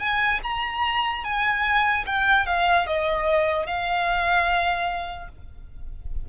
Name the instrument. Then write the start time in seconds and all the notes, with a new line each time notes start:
violin
0.00 G#5
0.43 A#5
1.25 G#5
2.06 G5
2.47 F5
2.87 D#5
3.67 F5